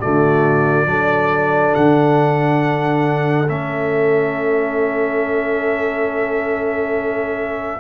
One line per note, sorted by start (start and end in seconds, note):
0.00 0.86 D3
0.00 0.87 A3
0.00 0.87 F#4
0.00 1.75 D5
0.86 1.73 F#3
0.86 3.48 D4
0.86 7.80 A4
1.75 3.50 D3
1.75 3.49 F#5
3.49 7.80 A3
3.49 7.80 C#4
3.49 7.80 E5